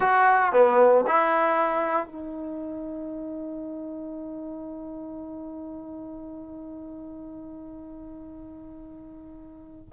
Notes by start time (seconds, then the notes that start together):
0.00 F#4
0.52 B3
1.07 E4
2.06 D#4